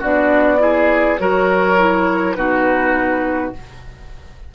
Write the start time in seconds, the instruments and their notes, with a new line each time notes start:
0.00 bassoon B3, clarinet D4, oboe F#4, flute D5
0.58 clarinet E4, oboe G#4
1.18 bassoon F#3, clarinet F#4, oboe A#4, flute C#5
1.77 clarinet E4
2.35 bassoon B2, clarinet D#4, oboe F#4, flute B4